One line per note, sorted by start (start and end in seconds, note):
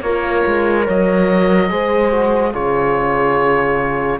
0.00 0.42 A#3
0.00 0.84 F4
0.00 1.69 A#4
0.00 0.85 C#5
0.46 0.88 G#3
0.84 1.70 F#3
0.84 1.67 C#5
0.84 2.53 D#5
1.69 2.53 G#3
1.69 2.11 G#4
1.69 2.52 C5
2.11 2.53 F#4
2.52 4.19 C#3
2.52 4.19 F4
2.52 4.19 G#4
2.52 4.19 C#5